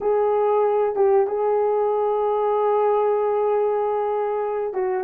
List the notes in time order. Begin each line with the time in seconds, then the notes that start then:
0.01 G#4
0.95 G4
1.27 G#4
4.73 F#4